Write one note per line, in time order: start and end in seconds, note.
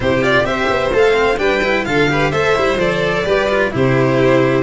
0.00 0.44 C3
0.00 0.22 E4
0.00 0.46 G4
0.00 0.23 C5
0.22 0.44 F4
0.22 0.45 D5
0.44 0.67 C4
0.44 0.90 G4
0.44 1.39 C5
0.44 0.92 E5
0.69 0.92 B3
0.92 1.38 A3
0.92 1.13 A4
0.92 1.38 F5
1.13 1.37 C4
1.37 1.85 G3
1.37 1.60 D4
1.37 1.86 B4
1.37 1.84 G5
1.63 1.85 E4
1.84 2.33 D3
1.84 2.08 F4
1.84 2.11 A4
1.84 2.31 F5
2.09 2.33 G4
2.09 2.30 B4
2.30 2.56 A3
2.30 2.55 A4
2.30 3.23 C5
2.30 2.77 E5
2.55 2.76 G3
2.55 2.78 E4
2.76 3.22 F3
2.76 3.25 A4
2.76 3.72 D5
3.25 3.71 G3
3.25 3.48 G4
3.25 3.72 B4
3.49 3.70 F4
3.70 4.62 C3
3.70 4.62 E4
3.70 4.62 G4
3.70 4.62 C5